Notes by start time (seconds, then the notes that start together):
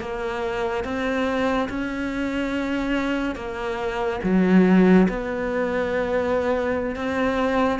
0.00 A#3
0.84 C4
1.69 C#4
3.35 A#3
4.23 F#3
5.08 B3
6.95 C4